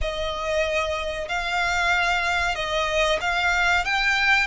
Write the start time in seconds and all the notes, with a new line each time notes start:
0.01 D#5
1.28 F5
2.55 D#5
3.21 F5
3.85 G5